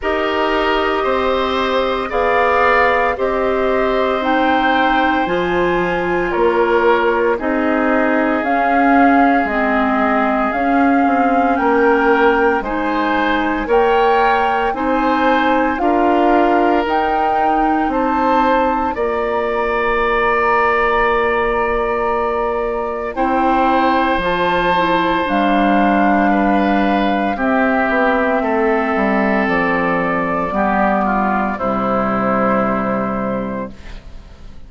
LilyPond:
<<
  \new Staff \with { instrumentName = "flute" } { \time 4/4 \tempo 4 = 57 dis''2 f''4 dis''4 | g''4 gis''4 cis''4 dis''4 | f''4 dis''4 f''4 g''4 | gis''4 g''4 gis''4 f''4 |
g''4 a''4 ais''2~ | ais''2 g''4 a''4 | f''2 e''2 | d''2 c''2 | }
  \new Staff \with { instrumentName = "oboe" } { \time 4/4 ais'4 c''4 d''4 c''4~ | c''2 ais'4 gis'4~ | gis'2. ais'4 | c''4 cis''4 c''4 ais'4~ |
ais'4 c''4 d''2~ | d''2 c''2~ | c''4 b'4 g'4 a'4~ | a'4 g'8 f'8 e'2 | }
  \new Staff \with { instrumentName = "clarinet" } { \time 4/4 g'2 gis'4 g'4 | dis'4 f'2 dis'4 | cis'4 c'4 cis'2 | dis'4 ais'4 dis'4 f'4 |
dis'2 f'2~ | f'2 e'4 f'8 e'8 | d'2 c'2~ | c'4 b4 g2 | }
  \new Staff \with { instrumentName = "bassoon" } { \time 4/4 dis'4 c'4 b4 c'4~ | c'4 f4 ais4 c'4 | cis'4 gis4 cis'8 c'8 ais4 | gis4 ais4 c'4 d'4 |
dis'4 c'4 ais2~ | ais2 c'4 f4 | g2 c'8 b8 a8 g8 | f4 g4 c2 | }
>>